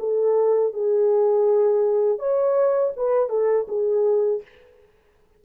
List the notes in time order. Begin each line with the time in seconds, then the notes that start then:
0.00 A4
0.74 G#4
2.19 C#5
2.97 B4
3.30 A4
3.68 G#4